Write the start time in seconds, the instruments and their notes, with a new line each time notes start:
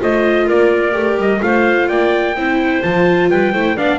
0.00 double bass A3, viola F4, clarinet C5, trumpet D#5
0.47 double bass A#3, clarinet A#4, trumpet D5
0.92 double bass A3, viola G4
1.18 double bass G3, trumpet D#5
1.41 double bass A3, viola F4, clarinet C5, trumpet F5
1.89 double bass A#3, clarinet D5, trumpet G5
2.36 double bass C4, viola E4, clarinet C5
2.83 double bass F3, viola F4, trumpet A5
3.31 double bass G3, clarinet B4, trumpet G5
3.53 double bass A3, viola E4, clarinet C5
3.77 double bass B3, viola D4, clarinet D5, trumpet F5